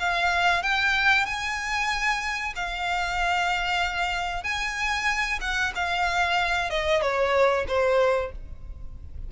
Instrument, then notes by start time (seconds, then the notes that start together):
violin
0.00 F5
0.63 G5
1.26 G#5
2.56 F5
4.44 G#5
5.41 F#5
5.75 F5
6.70 D#5
7.02 C#5
7.68 C5